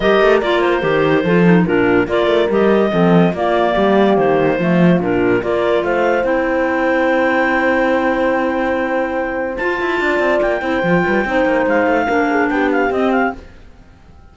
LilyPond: <<
  \new Staff \with { instrumentName = "clarinet" } { \time 4/4 \tempo 4 = 144 dis''4 d''8 c''2~ c''8 | ais'4 d''4 dis''2 | d''2 c''2 | ais'4 d''4 f''4 g''4~ |
g''1~ | g''2. a''4~ | a''4 g''2. | f''2 g''8 f''8 dis''8 f''8 | }
  \new Staff \with { instrumentName = "horn" } { \time 4/4 ais'2. a'4 | f'4 ais'2 a'4 | f'4 g'2 f'4~ | f'4 ais'4 c''2~ |
c''1~ | c''1 | d''4. c''4 b'8 c''4~ | c''4 ais'8 gis'8 g'2 | }
  \new Staff \with { instrumentName = "clarinet" } { \time 4/4 g'4 f'4 g'4 f'8 dis'8 | d'4 f'4 g'4 c'4 | ais2. a4 | d'4 f'2 e'4~ |
e'1~ | e'2. f'4~ | f'4. e'8 f'4 dis'4~ | dis'4 d'2 c'4 | }
  \new Staff \with { instrumentName = "cello" } { \time 4/4 g8 a8 ais4 dis4 f4 | ais,4 ais8 a8 g4 f4 | ais4 g4 dis4 f4 | ais,4 ais4 a4 c'4~ |
c'1~ | c'2. f'8 e'8 | d'8 c'8 ais8 c'8 f8 g8 c'8 ais8 | gis8 a8 ais4 b4 c'4 | }
>>